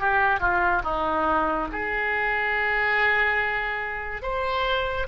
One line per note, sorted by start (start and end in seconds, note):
0.00 0.40 G4
0.40 0.82 F4
0.83 1.68 D#4
1.72 4.23 G#4
4.23 5.07 C5